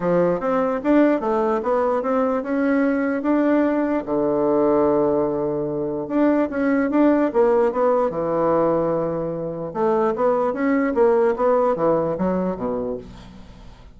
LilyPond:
\new Staff \with { instrumentName = "bassoon" } { \time 4/4 \tempo 4 = 148 f4 c'4 d'4 a4 | b4 c'4 cis'2 | d'2 d2~ | d2. d'4 |
cis'4 d'4 ais4 b4 | e1 | a4 b4 cis'4 ais4 | b4 e4 fis4 b,4 | }